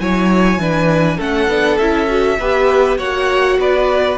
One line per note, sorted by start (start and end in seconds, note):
0.00 0.58 F#3
0.00 0.60 E4
0.00 0.61 C#5
0.00 1.20 G#5
0.58 1.18 E3
0.58 1.19 D4
0.58 1.18 B4
1.18 1.48 A3
1.18 1.49 C#4
1.18 2.38 A4
1.18 1.78 F#5
1.48 1.78 B3
1.48 1.79 D4
1.78 2.38 C#4
1.78 2.07 E4
1.78 2.98 E5
2.07 2.37 F#4
2.39 2.99 B3
2.39 2.98 G4
2.39 2.98 B4
2.98 3.58 A#3
2.98 4.17 F#4
2.98 3.58 C#5
2.98 3.59 F#5
3.58 4.17 B3
3.58 4.17 B4
3.58 4.17 D5